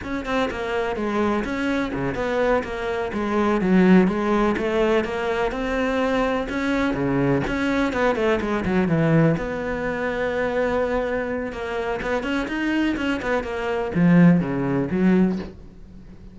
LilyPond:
\new Staff \with { instrumentName = "cello" } { \time 4/4 \tempo 4 = 125 cis'8 c'8 ais4 gis4 cis'4 | cis8 b4 ais4 gis4 fis8~ | fis8 gis4 a4 ais4 c'8~ | c'4. cis'4 cis4 cis'8~ |
cis'8 b8 a8 gis8 fis8 e4 b8~ | b1 | ais4 b8 cis'8 dis'4 cis'8 b8 | ais4 f4 cis4 fis4 | }